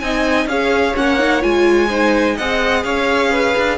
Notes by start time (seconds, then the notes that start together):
0.00 C4 D#4 D#5 G#5
0.46 C#4 G#4 C#5 F5
0.96 A#3 C#4 F#5
1.19 D#4
1.41 G#3 F4 G#5
1.88 D#4 C5
2.36 C4 G#4 D#5 F#5
2.84 C#4 C#5 F5
3.31 B4
3.57 D4